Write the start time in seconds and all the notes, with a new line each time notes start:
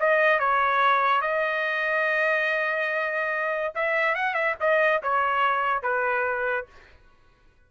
0.00 D#5
0.40 C#5
1.22 D#5
3.76 E5
4.16 F#5
4.34 E5
4.61 D#5
5.03 C#5
5.83 B4